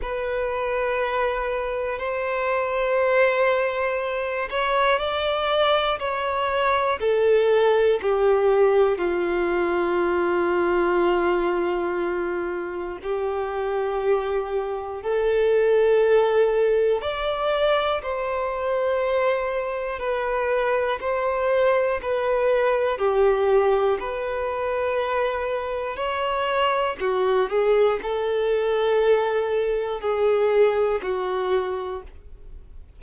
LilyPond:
\new Staff \with { instrumentName = "violin" } { \time 4/4 \tempo 4 = 60 b'2 c''2~ | c''8 cis''8 d''4 cis''4 a'4 | g'4 f'2.~ | f'4 g'2 a'4~ |
a'4 d''4 c''2 | b'4 c''4 b'4 g'4 | b'2 cis''4 fis'8 gis'8 | a'2 gis'4 fis'4 | }